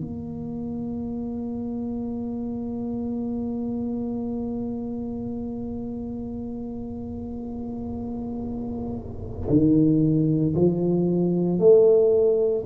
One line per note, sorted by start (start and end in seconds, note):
0.00 9.47 A#3
9.50 10.55 D#3
10.55 11.59 F3
11.59 12.64 A3